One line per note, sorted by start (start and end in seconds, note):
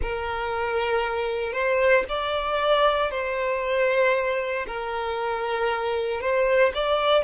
0.01 1.52 A#4
1.52 2.04 C5
2.08 3.10 D5
3.10 4.66 C5
4.66 6.20 A#4
6.20 6.72 C5
6.74 7.24 D5